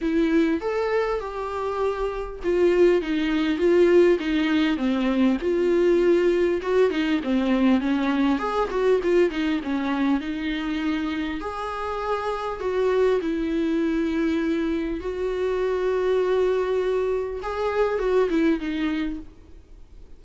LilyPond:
\new Staff \with { instrumentName = "viola" } { \time 4/4 \tempo 4 = 100 e'4 a'4 g'2 | f'4 dis'4 f'4 dis'4 | c'4 f'2 fis'8 dis'8 | c'4 cis'4 gis'8 fis'8 f'8 dis'8 |
cis'4 dis'2 gis'4~ | gis'4 fis'4 e'2~ | e'4 fis'2.~ | fis'4 gis'4 fis'8 e'8 dis'4 | }